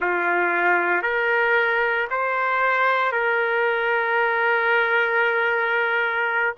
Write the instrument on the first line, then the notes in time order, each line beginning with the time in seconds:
trumpet
0.00 F4
1.02 A#4
2.10 C5
3.11 A#4